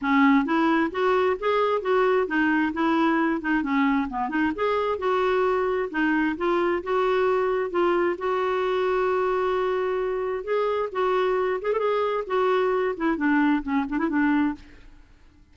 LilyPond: \new Staff \with { instrumentName = "clarinet" } { \time 4/4 \tempo 4 = 132 cis'4 e'4 fis'4 gis'4 | fis'4 dis'4 e'4. dis'8 | cis'4 b8 dis'8 gis'4 fis'4~ | fis'4 dis'4 f'4 fis'4~ |
fis'4 f'4 fis'2~ | fis'2. gis'4 | fis'4. gis'16 a'16 gis'4 fis'4~ | fis'8 e'8 d'4 cis'8 d'16 e'16 d'4 | }